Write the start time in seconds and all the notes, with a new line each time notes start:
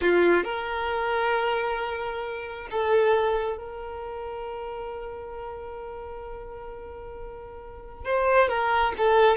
0.01 F4
0.44 A#4
2.70 A4
3.57 A#4
8.05 C5
8.49 A#4
8.97 A4